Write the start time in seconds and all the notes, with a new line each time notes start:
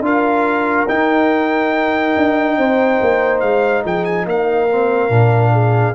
0.00 D4 F4 A#4 F5
0.88 D#4 G5
2.16 D4
2.58 C4 C5
3.01 A#3
3.40 G#3 F5
3.84 F3 G#4 G5
4.04 G#5
4.25 A#3 A#4 F5
4.69 C4
5.09 A#2 D4
5.52 G#4